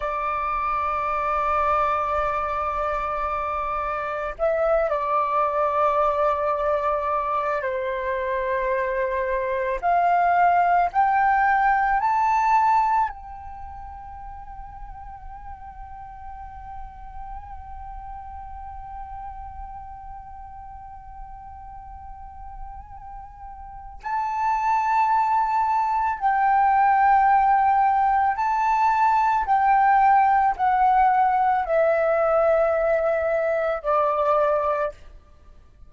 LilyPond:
\new Staff \with { instrumentName = "flute" } { \time 4/4 \tempo 4 = 55 d''1 | e''8 d''2~ d''8 c''4~ | c''4 f''4 g''4 a''4 | g''1~ |
g''1~ | g''2 a''2 | g''2 a''4 g''4 | fis''4 e''2 d''4 | }